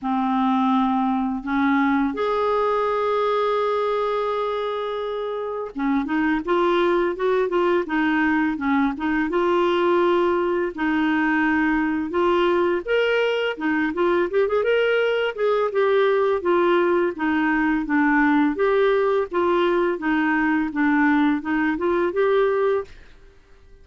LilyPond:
\new Staff \with { instrumentName = "clarinet" } { \time 4/4 \tempo 4 = 84 c'2 cis'4 gis'4~ | gis'1 | cis'8 dis'8 f'4 fis'8 f'8 dis'4 | cis'8 dis'8 f'2 dis'4~ |
dis'4 f'4 ais'4 dis'8 f'8 | g'16 gis'16 ais'4 gis'8 g'4 f'4 | dis'4 d'4 g'4 f'4 | dis'4 d'4 dis'8 f'8 g'4 | }